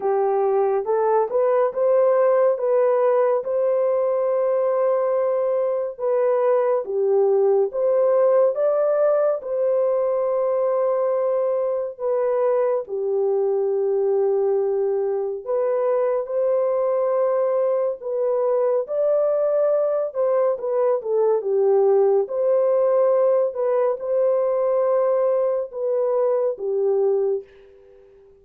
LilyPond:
\new Staff \with { instrumentName = "horn" } { \time 4/4 \tempo 4 = 70 g'4 a'8 b'8 c''4 b'4 | c''2. b'4 | g'4 c''4 d''4 c''4~ | c''2 b'4 g'4~ |
g'2 b'4 c''4~ | c''4 b'4 d''4. c''8 | b'8 a'8 g'4 c''4. b'8 | c''2 b'4 g'4 | }